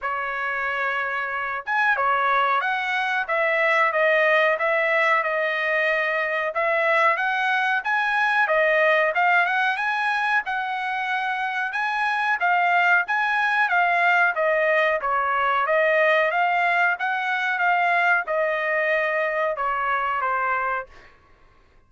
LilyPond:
\new Staff \with { instrumentName = "trumpet" } { \time 4/4 \tempo 4 = 92 cis''2~ cis''8 gis''8 cis''4 | fis''4 e''4 dis''4 e''4 | dis''2 e''4 fis''4 | gis''4 dis''4 f''8 fis''8 gis''4 |
fis''2 gis''4 f''4 | gis''4 f''4 dis''4 cis''4 | dis''4 f''4 fis''4 f''4 | dis''2 cis''4 c''4 | }